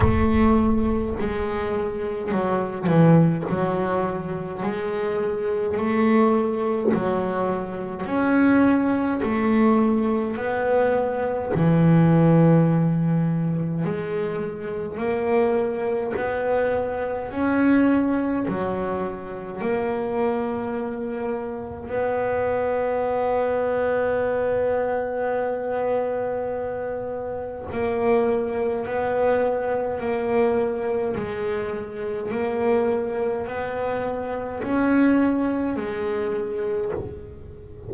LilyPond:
\new Staff \with { instrumentName = "double bass" } { \time 4/4 \tempo 4 = 52 a4 gis4 fis8 e8 fis4 | gis4 a4 fis4 cis'4 | a4 b4 e2 | gis4 ais4 b4 cis'4 |
fis4 ais2 b4~ | b1 | ais4 b4 ais4 gis4 | ais4 b4 cis'4 gis4 | }